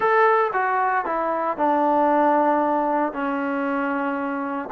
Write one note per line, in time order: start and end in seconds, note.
0.00 0.51 A4
0.53 1.05 F#4
1.05 1.57 E4
1.57 3.12 D4
3.12 4.69 C#4